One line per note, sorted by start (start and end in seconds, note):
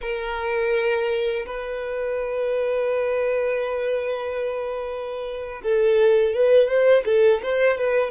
0.01 1.45 A#4
1.46 5.62 B4
5.63 6.33 A4
6.33 6.68 B4
6.68 7.04 C5
7.05 7.41 A4
7.43 7.77 C5
7.77 8.11 B4